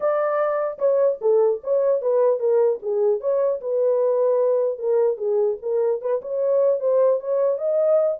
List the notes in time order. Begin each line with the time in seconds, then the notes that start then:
0.00 D5
0.78 C#5
1.21 A4
1.63 C#5
2.01 B4
2.39 A#4
2.82 G#4
3.20 C#5
3.60 B4
4.78 A#4
5.17 G#4
5.62 A#4
6.01 B4
6.21 C#5
6.80 C5
7.20 C#5
7.57 D#5